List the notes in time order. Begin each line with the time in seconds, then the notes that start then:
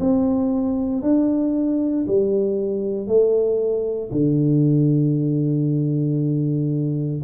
0.00 C4
1.02 D4
2.07 G3
3.07 A3
4.11 D3